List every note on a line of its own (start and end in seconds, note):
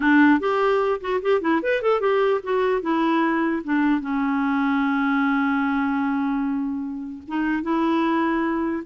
0.00 0.40 D4
0.40 1.00 G4
1.00 1.20 F#4
1.22 1.41 G4
1.41 1.61 E4
1.62 1.82 B4
1.82 2.00 A4
2.00 2.41 G4
2.43 2.81 F#4
2.81 3.62 E4
3.64 4.00 D4
4.00 7.23 C#4
7.27 7.63 D#4
7.63 8.83 E4